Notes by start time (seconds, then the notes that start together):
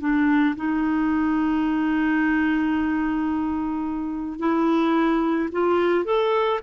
0.00 D4
0.56 D#4
4.39 E4
5.52 F4
6.05 A4